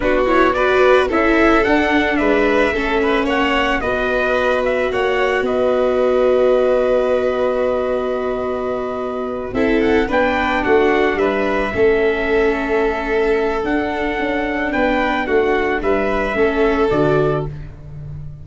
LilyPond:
<<
  \new Staff \with { instrumentName = "trumpet" } { \time 4/4 \tempo 4 = 110 b'8 cis''8 d''4 e''4 fis''4 | e''2 fis''4 dis''4~ | dis''8 e''8 fis''4 dis''2~ | dis''1~ |
dis''4. e''8 fis''8 g''4 fis''8~ | fis''8 e''2.~ e''8~ | e''4 fis''2 g''4 | fis''4 e''2 d''4 | }
  \new Staff \with { instrumentName = "violin" } { \time 4/4 fis'4 b'4 a'2 | b'4 a'8 b'8 cis''4 b'4~ | b'4 cis''4 b'2~ | b'1~ |
b'4. a'4 b'4 fis'8~ | fis'8 b'4 a'2~ a'8~ | a'2. b'4 | fis'4 b'4 a'2 | }
  \new Staff \with { instrumentName = "viola" } { \time 4/4 d'8 e'8 fis'4 e'4 d'4~ | d'4 cis'2 fis'4~ | fis'1~ | fis'1~ |
fis'4. e'4 d'4.~ | d'4. cis'2~ cis'8~ | cis'4 d'2.~ | d'2 cis'4 fis'4 | }
  \new Staff \with { instrumentName = "tuba" } { \time 4/4 b2 cis'4 d'4 | gis4 a4 ais4 b4~ | b4 ais4 b2~ | b1~ |
b4. c'4 b4 a8~ | a8 g4 a2~ a8~ | a4 d'4 cis'4 b4 | a4 g4 a4 d4 | }
>>